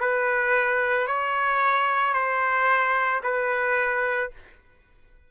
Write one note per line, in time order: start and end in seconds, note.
0.00 1.07 B4
1.07 2.13 C#5
2.13 3.20 C5
3.23 4.30 B4